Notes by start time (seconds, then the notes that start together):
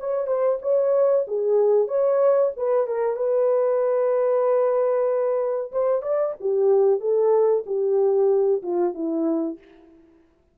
0.00 C#5
0.27 C5
0.62 C#5
1.28 G#4
1.88 C#5
2.57 B4
2.88 A#4
3.17 B4
5.72 C5
6.03 D5
6.41 G4
7.01 A4
7.67 G4
8.63 F4
8.94 E4